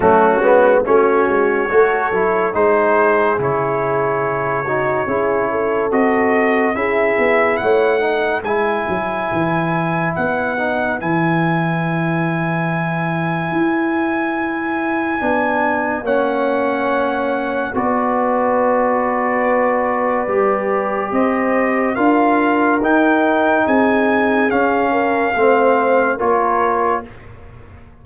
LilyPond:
<<
  \new Staff \with { instrumentName = "trumpet" } { \time 4/4 \tempo 4 = 71 fis'4 cis''2 c''4 | cis''2. dis''4 | e''4 fis''4 gis''2 | fis''4 gis''2.~ |
gis''2. fis''4~ | fis''4 d''2.~ | d''4 dis''4 f''4 g''4 | gis''4 f''2 cis''4 | }
  \new Staff \with { instrumentName = "horn" } { \time 4/4 cis'4 fis'4 a'4 gis'4~ | gis'4. fis'8 gis'8 a'4. | gis'4 cis''8 b'2~ b'8~ | b'1~ |
b'2. cis''4~ | cis''4 b'2.~ | b'4 c''4 ais'2 | gis'4. ais'8 c''4 ais'4 | }
  \new Staff \with { instrumentName = "trombone" } { \time 4/4 a8 b8 cis'4 fis'8 e'8 dis'4 | e'4. dis'8 e'4 fis'4 | e'4. dis'8 e'2~ | e'8 dis'8 e'2.~ |
e'2 d'4 cis'4~ | cis'4 fis'2. | g'2 f'4 dis'4~ | dis'4 cis'4 c'4 f'4 | }
  \new Staff \with { instrumentName = "tuba" } { \time 4/4 fis8 gis8 a8 gis8 a8 fis8 gis4 | cis2 cis'4 c'4 | cis'8 b8 a4 gis8 fis8 e4 | b4 e2. |
e'2 b4 ais4~ | ais4 b2. | g4 c'4 d'4 dis'4 | c'4 cis'4 a4 ais4 | }
>>